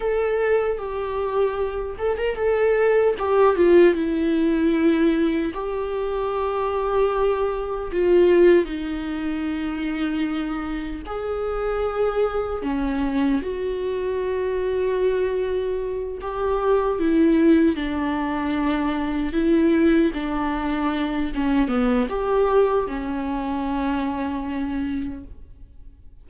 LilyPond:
\new Staff \with { instrumentName = "viola" } { \time 4/4 \tempo 4 = 76 a'4 g'4. a'16 ais'16 a'4 | g'8 f'8 e'2 g'4~ | g'2 f'4 dis'4~ | dis'2 gis'2 |
cis'4 fis'2.~ | fis'8 g'4 e'4 d'4.~ | d'8 e'4 d'4. cis'8 b8 | g'4 cis'2. | }